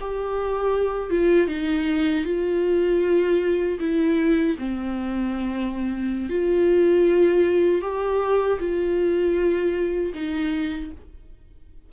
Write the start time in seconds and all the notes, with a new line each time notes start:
0.00 G4
1.10 F4
1.48 D#4
2.24 F4
3.79 E4
4.58 C4
6.29 F4
7.81 G4
8.59 F4
10.14 D#4